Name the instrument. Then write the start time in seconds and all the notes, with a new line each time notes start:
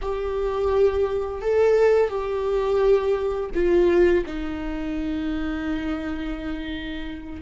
viola
0.01 G4
1.41 A4
2.08 G4
3.54 F4
4.25 D#4